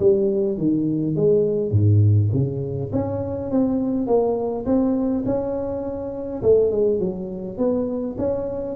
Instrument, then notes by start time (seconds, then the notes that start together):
tuba
0.00 G3
0.58 D#3
1.16 G#3
1.71 G#2
2.33 C#3
2.93 C#4
3.51 C4
4.07 A#3
4.66 C4
5.26 C#4
6.43 A3
6.71 G#3
7.00 F#3
7.58 B3
8.18 C#4